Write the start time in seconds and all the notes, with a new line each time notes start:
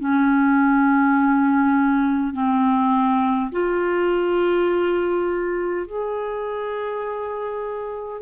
0.00 C#4
2.34 C4
3.52 F4
5.87 G#4